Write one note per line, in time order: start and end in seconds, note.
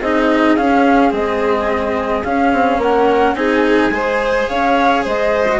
0.00 0.57 C4
0.00 0.58 D#4
0.00 2.80 G#4
0.00 0.56 D#5
0.56 1.11 C#4
0.56 1.12 C#4
0.56 1.12 F5
1.11 2.24 G#3
1.11 2.23 C4
1.11 2.24 D#5
2.24 3.35 C#4
2.24 2.53 C#4
2.24 2.80 F5
2.53 2.78 C4
2.78 3.34 A#3
2.78 3.36 A#4
2.78 3.35 F#5
3.35 3.91 C4
3.35 3.91 D#4
3.35 3.94 G#4
3.35 4.48 G#5
3.91 4.47 G#3
3.91 5.46 G#4
3.91 4.49 C5
4.48 5.06 C#4
4.48 5.04 C#5
4.48 5.04 F5
5.04 5.60 G#3
5.04 5.60 C5
5.04 5.60 D#5
5.48 5.60 F#4